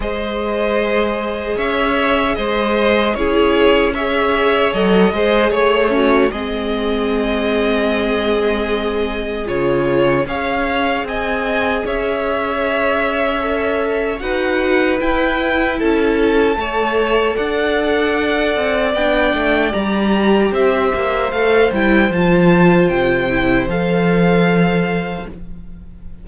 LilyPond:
<<
  \new Staff \with { instrumentName = "violin" } { \time 4/4 \tempo 4 = 76 dis''2 e''4 dis''4 | cis''4 e''4 dis''4 cis''4 | dis''1 | cis''4 f''4 gis''4 e''4~ |
e''2 fis''4 g''4 | a''2 fis''2 | g''4 ais''4 e''4 f''8 g''8 | a''4 g''4 f''2 | }
  \new Staff \with { instrumentName = "violin" } { \time 4/4 c''2 cis''4 c''4 | gis'4 cis''4. c''8 cis''8 cis'8 | gis'1~ | gis'4 cis''4 dis''4 cis''4~ |
cis''2 b'2 | a'4 cis''4 d''2~ | d''2 c''2~ | c''1 | }
  \new Staff \with { instrumentName = "viola" } { \time 4/4 gis'1 | e'4 gis'4 a'8 gis'4 fis'8 | c'1 | f'4 gis'2.~ |
gis'4 a'4 fis'4 e'4~ | e'4 a'2. | d'4 g'2 a'8 e'8 | f'4. e'8 a'2 | }
  \new Staff \with { instrumentName = "cello" } { \time 4/4 gis2 cis'4 gis4 | cis'2 fis8 gis8 a4 | gis1 | cis4 cis'4 c'4 cis'4~ |
cis'2 dis'4 e'4 | cis'4 a4 d'4. c'8 | b8 a8 g4 c'8 ais8 a8 g8 | f4 c4 f2 | }
>>